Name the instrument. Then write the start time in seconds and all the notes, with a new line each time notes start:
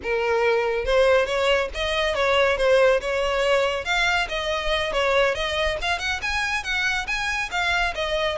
violin
0.03 A#4
0.85 C5
1.26 C#5
1.74 D#5
2.14 C#5
2.57 C5
3.00 C#5
3.85 F5
4.29 D#5
4.92 C#5
5.34 D#5
5.81 F5
5.99 F#5
6.22 G#5
6.63 F#5
7.07 G#5
7.51 F5
7.94 D#5